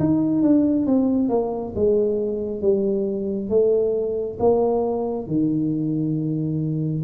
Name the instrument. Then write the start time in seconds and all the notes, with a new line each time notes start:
tuba
0.00 D#4
0.43 D4
0.87 C4
1.30 A#3
1.76 G#3
2.62 G3
3.50 A3
4.40 A#3
5.27 D#3